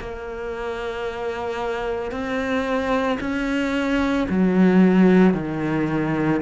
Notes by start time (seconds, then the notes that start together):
0.00 A#3
2.11 C4
3.20 C#4
4.30 F#3
5.34 D#3